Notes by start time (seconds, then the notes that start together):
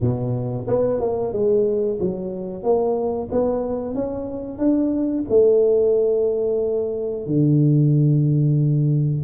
0.00 B2
0.67 B3
1.00 A#3
1.32 G#3
1.99 F#3
2.63 A#3
3.31 B3
3.94 C#4
4.58 D4
5.29 A3
7.26 D3